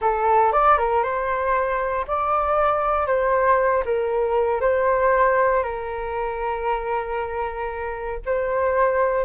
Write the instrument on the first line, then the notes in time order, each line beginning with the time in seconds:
flute
0.01 A4
0.52 D5
0.77 A#4
1.03 C5
2.07 D5
3.06 C5
3.85 A#4
4.61 C5
5.63 A#4
8.25 C5